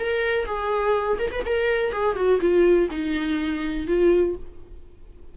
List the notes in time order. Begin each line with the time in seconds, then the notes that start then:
0.00 A#4
0.46 G#4
1.19 A#4
1.32 B4
1.46 A#4
1.92 G#4
2.16 F#4
2.41 F4
2.91 D#4
3.88 F4